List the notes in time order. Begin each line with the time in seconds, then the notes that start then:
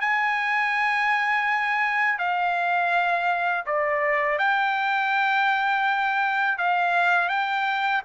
0.00 G#5
2.18 F5
3.66 D5
4.38 G5
6.58 F5
7.29 G5